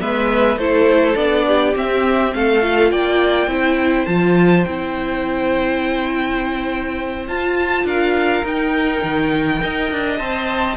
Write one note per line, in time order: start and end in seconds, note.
0.00 0.57 G#3
0.00 0.58 B3
0.00 0.59 B4
0.00 0.58 E5
0.57 1.15 A3
0.57 1.16 E4
0.57 1.46 A4
0.57 1.16 C5
1.16 1.74 B3
1.16 1.74 D4
1.16 1.74 D5
1.47 2.34 G4
1.75 2.62 C4
1.75 2.34 C4
1.75 2.34 E5
2.34 2.92 A3
2.34 2.91 A4
2.34 2.92 F5
2.62 3.49 F4
2.91 3.47 A#3
2.91 3.50 D5
2.91 4.06 G5
3.47 4.05 C4
3.47 4.07 E4
3.47 7.86 C5
4.06 4.66 F3
4.06 4.65 F4
4.06 4.64 A5
4.64 7.29 C4
4.64 7.28 E4
4.64 7.26 G5
7.28 8.44 F4
7.28 7.84 F4
7.28 7.87 A5
7.84 8.43 D4
7.84 9.61 A#4
7.84 8.45 F5
8.44 9.02 D#4
8.44 9.59 D#4
8.44 10.18 G5
9.03 9.61 D#3
9.59 9.91 D#4
9.59 10.18 A#4
9.59 10.77 D#5
9.91 10.20 D4
10.18 10.77 C4
10.18 10.76 C5
10.18 10.76 A5